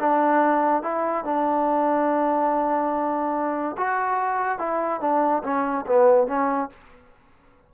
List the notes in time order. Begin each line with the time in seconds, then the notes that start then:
0.00 D4
0.83 E4
1.25 D4
3.78 F#4
4.59 E4
5.01 D4
5.44 C#4
5.86 B3
6.28 C#4